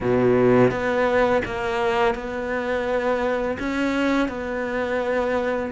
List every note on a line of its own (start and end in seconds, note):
0.00 0.70 B2
0.70 1.42 B3
1.44 2.14 A#3
2.14 3.57 B3
3.59 4.28 C#4
4.28 5.71 B3